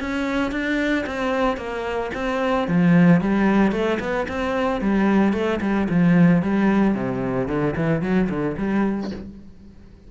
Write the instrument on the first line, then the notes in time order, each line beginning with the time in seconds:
cello
0.00 C#4
0.51 D4
1.06 C4
1.57 A#3
2.14 C4
2.68 F3
3.21 G3
3.71 A3
4.00 B3
4.28 C4
4.81 G3
5.33 A3
5.61 G3
5.89 F3
6.42 G3
6.94 C3
7.48 D3
7.76 E3
8.01 F#3
8.29 D3
8.57 G3